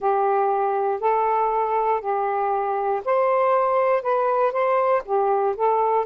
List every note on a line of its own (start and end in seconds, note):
0.00 1.00 G4
1.00 2.00 A4
2.00 3.01 G4
3.04 4.02 C5
4.02 4.52 B4
4.52 5.02 C5
5.05 5.55 G4
5.56 6.05 A4